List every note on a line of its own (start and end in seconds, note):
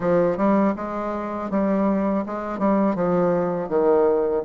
0.00 0.37 F3
0.37 0.74 G3
0.76 1.50 G#3
1.50 2.24 G3
2.26 2.59 G#3
2.59 2.95 G3
2.95 3.68 F3
3.68 4.42 D#3